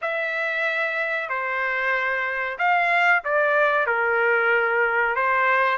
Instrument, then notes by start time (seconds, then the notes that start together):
trumpet
0.01 E5
1.29 C5
2.58 F5
3.24 D5
3.86 A#4
5.15 C5